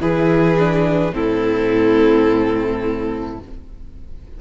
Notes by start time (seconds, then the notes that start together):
0.00 E3 E4 G#4 B4
0.58 D4
1.11 A2 C4 E4 A4